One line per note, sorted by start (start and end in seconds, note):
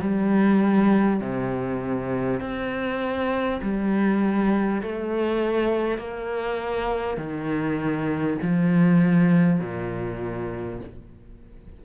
0.00 1.20 G3
1.20 2.40 C3
2.40 3.60 C4
3.62 4.82 G3
4.82 5.97 A3
5.97 7.17 A#3
7.17 8.37 D#3
8.42 9.60 F3
9.60 10.80 A#2